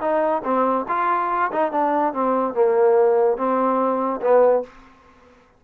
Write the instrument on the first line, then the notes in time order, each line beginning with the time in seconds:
trombone
0.00 D#4
0.44 C4
0.88 F4
1.52 D#4
1.72 D4
2.13 C4
2.54 A#3
3.37 C4
4.21 B3